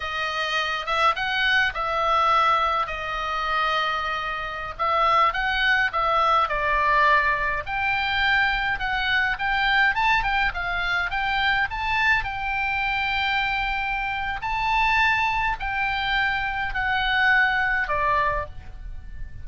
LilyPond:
\new Staff \with { instrumentName = "oboe" } { \time 4/4 \tempo 4 = 104 dis''4. e''8 fis''4 e''4~ | e''4 dis''2.~ | dis''16 e''4 fis''4 e''4 d''8.~ | d''4~ d''16 g''2 fis''8.~ |
fis''16 g''4 a''8 g''8 f''4 g''8.~ | g''16 a''4 g''2~ g''8.~ | g''4 a''2 g''4~ | g''4 fis''2 d''4 | }